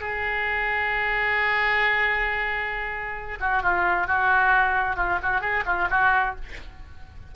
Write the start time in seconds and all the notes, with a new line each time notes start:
0.00 G#4
3.40 F#4
3.62 F4
4.07 F#4
4.96 F4
5.22 F#4
5.41 G#4
5.66 F4
5.90 F#4